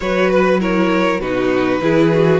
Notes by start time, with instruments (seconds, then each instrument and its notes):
0.00 cello F#3, viola F#4, violin B4 C#5
0.30 violin B4
0.60 viola E4, violin A#4 C#5
1.19 cello B2, viola D#4, violin F#4 B4
1.81 cello E3, viola E4, violin G#4
2.12 viola F#4